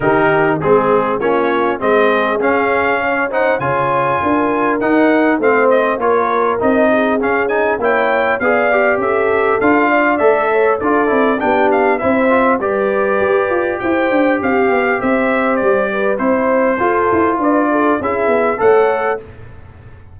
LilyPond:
<<
  \new Staff \with { instrumentName = "trumpet" } { \time 4/4 \tempo 4 = 100 ais'4 gis'4 cis''4 dis''4 | f''4. fis''8 gis''2 | fis''4 f''8 dis''8 cis''4 dis''4 | f''8 gis''8 g''4 f''4 e''4 |
f''4 e''4 d''4 g''8 f''8 | e''4 d''2 g''4 | f''4 e''4 d''4 c''4~ | c''4 d''4 e''4 fis''4 | }
  \new Staff \with { instrumentName = "horn" } { \time 4/4 g'4 gis'4 f'4 gis'4~ | gis'4 cis''8 c''8 cis''4 ais'4~ | ais'4 c''4 ais'4. gis'8~ | gis'4 cis''4 d''4 a'4~ |
a'8 d''4 cis''8 a'4 g'4 | c''4 b'2 c''4 | g'4 c''4. b'8 c''4 | a'4 b'8 a'8 gis'4 cis''4 | }
  \new Staff \with { instrumentName = "trombone" } { \time 4/4 dis'4 c'4 cis'4 c'4 | cis'4. dis'8 f'2 | dis'4 c'4 f'4 dis'4 | cis'8 dis'8 e'4 gis'8 g'4. |
f'4 a'4 f'8 e'8 d'4 | e'8 f'8 g'2.~ | g'2. e'4 | f'2 e'4 a'4 | }
  \new Staff \with { instrumentName = "tuba" } { \time 4/4 dis4 gis4 ais4 gis4 | cis'2 cis4 d'4 | dis'4 a4 ais4 c'4 | cis'4 ais4 b4 cis'4 |
d'4 a4 d'8 c'8 b4 | c'4 g4 g'8 f'8 e'8 d'8 | c'8 b8 c'4 g4 c'4 | f'8 e'8 d'4 cis'8 b8 a4 | }
>>